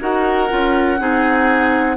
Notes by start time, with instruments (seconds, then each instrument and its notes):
0.00 bassoon D#4, clarinet F#4, oboe A#4, flute F#5
0.49 bassoon C#4, clarinet F4
0.99 bassoon C4, clarinet D#4, oboe G#4